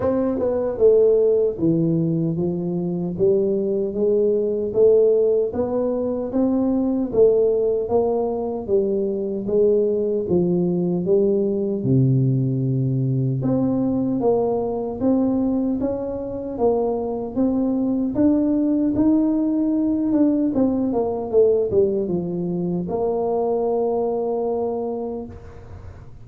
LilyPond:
\new Staff \with { instrumentName = "tuba" } { \time 4/4 \tempo 4 = 76 c'8 b8 a4 e4 f4 | g4 gis4 a4 b4 | c'4 a4 ais4 g4 | gis4 f4 g4 c4~ |
c4 c'4 ais4 c'4 | cis'4 ais4 c'4 d'4 | dis'4. d'8 c'8 ais8 a8 g8 | f4 ais2. | }